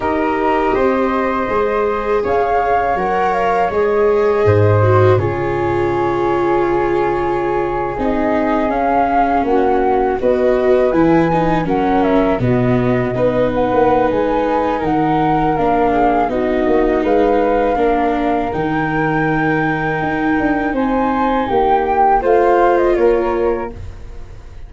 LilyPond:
<<
  \new Staff \with { instrumentName = "flute" } { \time 4/4 \tempo 4 = 81 dis''2. f''4 | fis''8 f''8 dis''2 cis''4~ | cis''2~ cis''8. dis''4 f''16~ | f''8. fis''4 dis''4 gis''4 fis''16~ |
fis''16 e''8 dis''4. fis''8. gis''4 | fis''4 f''4 dis''4 f''4~ | f''4 g''2. | gis''4 g''4 f''8. dis''16 cis''4 | }
  \new Staff \with { instrumentName = "flute" } { \time 4/4 ais'4 c''2 cis''4~ | cis''2 c''4 gis'4~ | gis'1~ | gis'8. fis'4 b'2 ais'16~ |
ais'8. fis'4 b'2~ b'16 | ais'4. gis'8 fis'4 b'4 | ais'1 | c''4 g'4 c''4 ais'4 | }
  \new Staff \with { instrumentName = "viola" } { \time 4/4 g'2 gis'2 | ais'4 gis'4. fis'8 f'4~ | f'2~ f'8. dis'4 cis'16~ | cis'4.~ cis'16 fis'4 e'8 dis'8 cis'16~ |
cis'8. b4 dis'2~ dis'16~ | dis'4 d'4 dis'2 | d'4 dis'2.~ | dis'2 f'2 | }
  \new Staff \with { instrumentName = "tuba" } { \time 4/4 dis'4 c'4 gis4 cis'4 | fis4 gis4 gis,4 cis4~ | cis2~ cis8. c'4 cis'16~ | cis'8. ais4 b4 e4 fis16~ |
fis8. b,4 b8. ais8 gis4 | dis4 ais4 b8 ais8 gis4 | ais4 dis2 dis'8 d'8 | c'4 ais4 a4 ais4 | }
>>